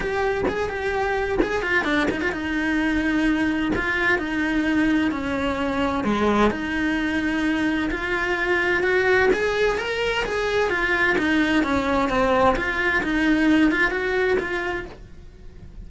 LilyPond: \new Staff \with { instrumentName = "cello" } { \time 4/4 \tempo 4 = 129 g'4 gis'8 g'4. gis'8 f'8 | d'8 dis'16 f'16 dis'2. | f'4 dis'2 cis'4~ | cis'4 gis4 dis'2~ |
dis'4 f'2 fis'4 | gis'4 ais'4 gis'4 f'4 | dis'4 cis'4 c'4 f'4 | dis'4. f'8 fis'4 f'4 | }